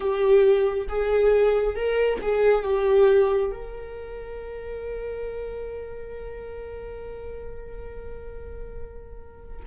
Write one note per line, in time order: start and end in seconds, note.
0.00 0.88 G4
0.88 1.75 G#4
1.75 2.19 A#4
2.21 2.64 G#4
2.64 3.51 G4
3.51 9.64 A#4